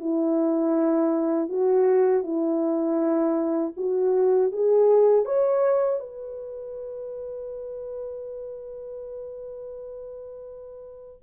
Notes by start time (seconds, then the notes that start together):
0.00 E4
1.49 F#4
2.24 E4
3.77 F#4
4.52 G#4
5.25 C#5
6.00 B4